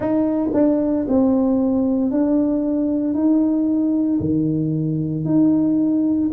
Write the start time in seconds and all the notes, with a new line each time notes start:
0.00 D#4
0.53 D4
1.08 C4
2.11 D4
3.13 D#4
4.20 D#3
5.24 D#4